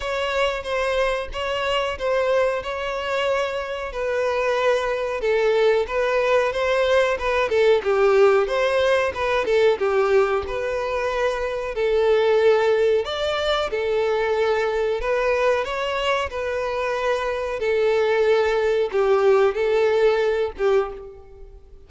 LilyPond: \new Staff \with { instrumentName = "violin" } { \time 4/4 \tempo 4 = 92 cis''4 c''4 cis''4 c''4 | cis''2 b'2 | a'4 b'4 c''4 b'8 a'8 | g'4 c''4 b'8 a'8 g'4 |
b'2 a'2 | d''4 a'2 b'4 | cis''4 b'2 a'4~ | a'4 g'4 a'4. g'8 | }